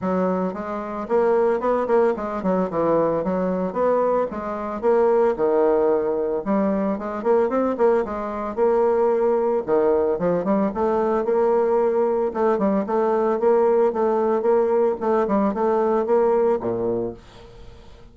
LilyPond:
\new Staff \with { instrumentName = "bassoon" } { \time 4/4 \tempo 4 = 112 fis4 gis4 ais4 b8 ais8 | gis8 fis8 e4 fis4 b4 | gis4 ais4 dis2 | g4 gis8 ais8 c'8 ais8 gis4 |
ais2 dis4 f8 g8 | a4 ais2 a8 g8 | a4 ais4 a4 ais4 | a8 g8 a4 ais4 ais,4 | }